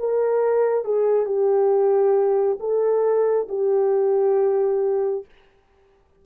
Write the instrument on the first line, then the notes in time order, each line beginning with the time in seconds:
horn
0.00 A#4
0.85 G#4
1.26 G4
2.60 A4
3.49 G4